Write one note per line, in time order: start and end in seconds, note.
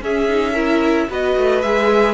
0.00 0.27 C#4
0.00 1.08 C#4
0.00 0.53 G#4
0.00 1.11 E5
0.29 0.54 D#4
0.53 1.08 E4
0.53 1.07 A#4
1.09 1.36 B3
1.09 1.63 F#4
1.09 2.14 B4
1.09 1.62 D#5
1.37 1.63 A3
1.62 2.14 G#3
1.62 2.14 G#4
1.62 2.14 E5